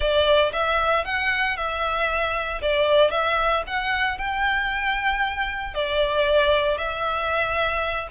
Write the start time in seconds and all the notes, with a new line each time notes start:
0.00 D5
0.52 E5
1.04 F#5
1.56 E5
2.61 D5
3.10 E5
3.66 F#5
4.18 G5
5.74 D5
6.77 E5